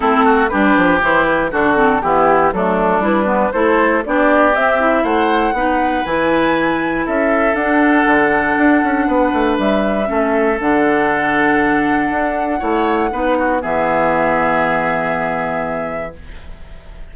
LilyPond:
<<
  \new Staff \with { instrumentName = "flute" } { \time 4/4 \tempo 4 = 119 a'4 b'4 c''8 b'8 a'4 | g'4 a'4 b'4 c''4 | d''4 e''4 fis''2 | gis''2 e''4 fis''4~ |
fis''2. e''4~ | e''4 fis''2.~ | fis''2. e''4~ | e''1 | }
  \new Staff \with { instrumentName = "oboe" } { \time 4/4 e'8 fis'8 g'2 fis'4 | e'4 d'2 a'4 | g'2 c''4 b'4~ | b'2 a'2~ |
a'2 b'2 | a'1~ | a'4 cis''4 b'8 fis'8 gis'4~ | gis'1 | }
  \new Staff \with { instrumentName = "clarinet" } { \time 4/4 c'4 d'4 e'4 d'8 c'8 | b4 a4 e'8 b8 e'4 | d'4 c'8 e'4. dis'4 | e'2. d'4~ |
d'1 | cis'4 d'2.~ | d'4 e'4 dis'4 b4~ | b1 | }
  \new Staff \with { instrumentName = "bassoon" } { \time 4/4 a4 g8 f8 e4 d4 | e4 fis4 g4 a4 | b4 c'4 a4 b4 | e2 cis'4 d'4 |
d4 d'8 cis'8 b8 a8 g4 | a4 d2. | d'4 a4 b4 e4~ | e1 | }
>>